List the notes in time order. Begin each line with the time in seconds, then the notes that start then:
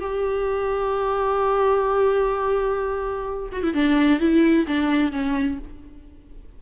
0.00 G4
3.52 F#4
3.63 E4
3.73 D4
4.19 E4
4.67 D4
5.11 C#4